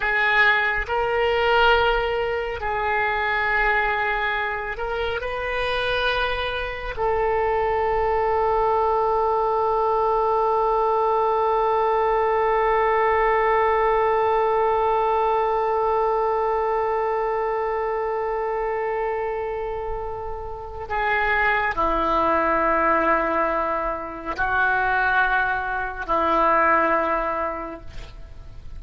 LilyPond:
\new Staff \with { instrumentName = "oboe" } { \time 4/4 \tempo 4 = 69 gis'4 ais'2 gis'4~ | gis'4. ais'8 b'2 | a'1~ | a'1~ |
a'1~ | a'1 | gis'4 e'2. | fis'2 e'2 | }